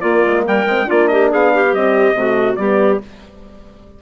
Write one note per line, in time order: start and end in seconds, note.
0.00 0.66 A#3
0.00 0.24 A#3
0.00 0.43 F4
0.00 0.43 D5
0.25 0.46 G#3
0.45 0.65 G3
0.45 0.87 A#4
0.45 0.90 G5
0.65 0.87 G#3
0.65 0.83 C4
0.83 1.68 D4
0.83 1.08 F4
0.90 1.33 A#3
0.90 1.08 D5
1.08 1.30 G4
1.08 1.29 D#5
1.30 1.75 B3
1.30 1.51 G#4
1.30 1.74 F5
1.54 2.17 G4
1.72 2.14 G3
1.72 2.13 C4
1.72 2.56 D#5
2.13 2.56 C3
2.13 2.57 A3
2.13 2.58 F#4
2.56 3.00 G3
2.56 3.01 B3
2.56 3.01 G4
2.56 2.98 D5